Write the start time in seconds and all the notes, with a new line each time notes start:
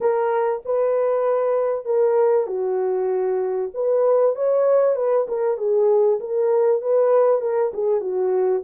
0.00 A#4
0.65 B4
1.85 A#4
2.47 F#4
3.73 B4
4.35 C#5
4.95 B4
5.27 A#4
5.57 G#4
6.20 A#4
6.81 B4
7.41 A#4
7.73 G#4
8.00 F#4